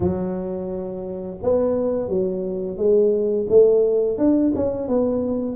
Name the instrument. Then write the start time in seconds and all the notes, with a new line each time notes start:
tuba
0.00 F#3
1.42 B3
2.09 F#3
2.77 G#3
3.49 A3
4.17 D4
4.55 C#4
4.87 B3